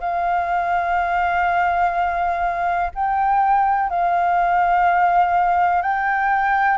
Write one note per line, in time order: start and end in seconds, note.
0.00 2.90 F5
2.95 3.90 G5
3.90 5.82 F5
5.82 6.77 G5